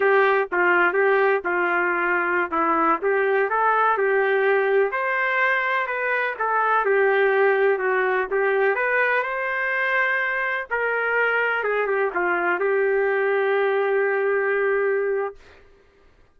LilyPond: \new Staff \with { instrumentName = "trumpet" } { \time 4/4 \tempo 4 = 125 g'4 f'4 g'4 f'4~ | f'4~ f'16 e'4 g'4 a'8.~ | a'16 g'2 c''4.~ c''16~ | c''16 b'4 a'4 g'4.~ g'16~ |
g'16 fis'4 g'4 b'4 c''8.~ | c''2~ c''16 ais'4.~ ais'16~ | ais'16 gis'8 g'8 f'4 g'4.~ g'16~ | g'1 | }